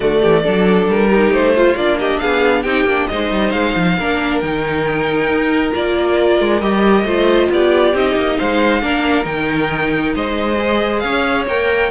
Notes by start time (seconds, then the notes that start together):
0.00 D3 A3 F#4 D5
0.21 E3 G4
0.43 F#3 D4 A4
0.87 G3 A#4
1.09 D#4 G4
1.29 A3 C5
1.55 F4
1.75 A#3 D4 D5
1.98 G4 D#5
2.19 B3 G#4 F5
2.62 C4 D#4 G4 G5
2.84 A#3 D4
3.07 G#3 D#4 C5 D#5
3.31 G3
3.51 G#3 F5
3.75 F3
3.98 A#3 D4 A#4
4.39 D#3 D#4 G5
5.28 D#4
5.72 A#3 F4 D5
6.40 G#3
6.61 G3 G4 D#5
7.04 A3 F4 C5
7.50 B3 G4 D5
7.93 C4 D#4 D#5
8.15 A#3
8.37 G#3 C5 F5
8.81 A#3 D4 A#4
9.23 D#3 D#4 G5
10.15 G#3 C5 D#5
10.58 G#4
10.99 C#4 C#5 F5
11.47 A#3 A#4 G5